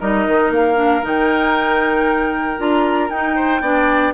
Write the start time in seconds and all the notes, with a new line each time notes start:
0.00 G3 D#4 A#4 D#5
0.28 D#3
0.50 A#3 F5
0.75 D4
1.02 D#3 D#4 G5
2.58 D4 F4 A#5
3.09 D#4 G5
3.35 C5
3.61 B3 D4 D5